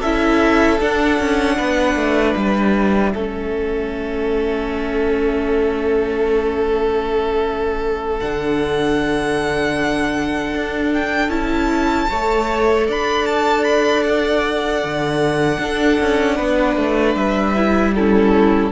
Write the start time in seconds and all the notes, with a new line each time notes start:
0.00 C#4 E4 A4 E5
0.81 D4 F#5
1.20 C#4
1.57 B3 B4
1.96 A3
2.36 G3 E5
3.14 A3 C#4 A4
8.20 D3 D4 F#5
10.55 D4
10.94 G5
11.29 C#4 E4 A5
12.09 A3 A4 C#5
12.87 D4 D5 B5
13.26 A5
13.64 B5
14.04 F#5
14.85 D3
15.58 D4 A4
16.01 C#4
16.36 B3 B4
16.77 A3
17.16 G3 E5
17.56 E4
17.95 C#4 E4 A4